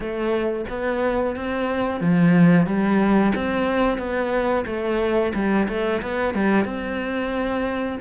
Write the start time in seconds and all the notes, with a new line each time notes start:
0.00 A3
0.69 B3
1.35 C4
2.00 F3
2.66 G3
3.35 C4
3.98 B3
4.66 A3
5.34 G3
5.68 A3
6.02 B3
6.34 G3
6.65 C4